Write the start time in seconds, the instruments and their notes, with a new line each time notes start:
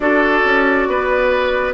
0.00 bassoon D4, clarinet F#4, oboe A4, flute D5
0.44 bassoon C#4
0.87 bassoon B3, oboe B4